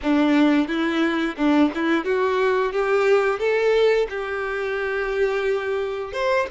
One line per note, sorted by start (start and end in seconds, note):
0.02 0.68 D4
0.68 1.36 E4
1.36 1.70 D4
1.74 2.05 E4
2.05 2.72 F#4
2.72 3.39 G4
3.39 4.07 A4
4.09 6.12 G4
6.12 6.46 C5